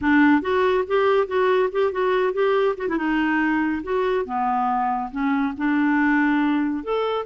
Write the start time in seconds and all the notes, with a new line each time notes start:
0.01 D4
0.41 F#4
0.87 G4
1.27 F#4
1.72 G4
1.91 F#4
2.33 G4
2.77 F#4
2.88 E4
2.97 D#4
3.83 F#4
4.25 B3
5.11 C#4
5.57 D4
6.83 A4